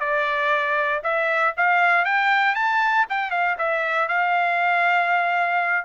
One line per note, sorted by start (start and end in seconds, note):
0.00 1.02 D5
1.03 1.54 E5
1.57 2.05 F5
2.05 2.55 G5
2.55 3.06 A5
3.09 3.31 G5
3.31 3.56 F5
3.58 4.08 E5
4.08 5.85 F5